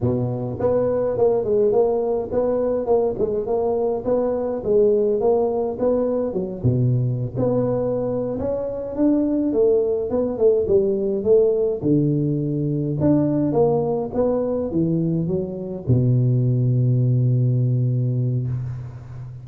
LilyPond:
\new Staff \with { instrumentName = "tuba" } { \time 4/4 \tempo 4 = 104 b,4 b4 ais8 gis8 ais4 | b4 ais8 gis8 ais4 b4 | gis4 ais4 b4 fis8 b,8~ | b,8. b4.~ b16 cis'4 d'8~ |
d'8 a4 b8 a8 g4 a8~ | a8 d2 d'4 ais8~ | ais8 b4 e4 fis4 b,8~ | b,1 | }